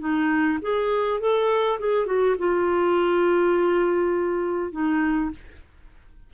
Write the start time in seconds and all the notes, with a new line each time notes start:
0.00 D#4
0.62 G#4
1.20 A4
1.80 G#4
2.07 F#4
2.39 F4
4.72 D#4